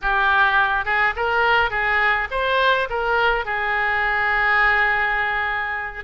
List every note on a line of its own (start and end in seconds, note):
0.01 0.85 G4
0.85 1.14 G#4
1.15 1.70 A#4
1.70 2.28 G#4
2.31 2.88 C5
2.89 3.45 A#4
3.45 6.04 G#4